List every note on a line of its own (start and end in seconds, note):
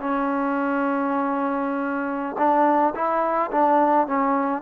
0.00 2.36 C#4
2.38 2.94 D4
2.95 3.51 E4
3.51 4.07 D4
4.07 4.62 C#4